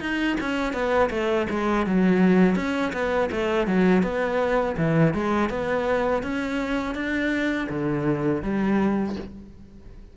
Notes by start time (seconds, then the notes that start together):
0.00 D#4
0.40 C#4
0.73 B3
1.10 A3
1.50 G#3
1.86 F#3
2.55 C#4
2.93 B3
3.31 A3
3.67 F#3
4.02 B3
4.77 E3
5.14 G#3
5.49 B3
6.23 C#4
6.95 D4
7.69 D3
8.42 G3